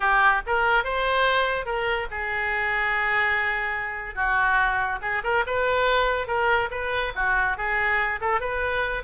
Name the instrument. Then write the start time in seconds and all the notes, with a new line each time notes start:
oboe
0.00 G4
0.46 A#4
0.84 C5
1.65 A#4
2.11 G#4
4.15 F#4
5.01 G#4
5.23 A#4
5.46 B4
6.27 A#4
6.71 B4
7.15 F#4
7.57 G#4
8.20 A4
8.40 B4